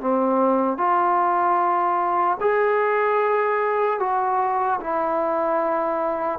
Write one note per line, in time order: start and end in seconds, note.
0.00 0.77 C4
0.77 2.37 F4
2.40 3.99 G#4
3.99 4.79 F#4
4.80 6.39 E4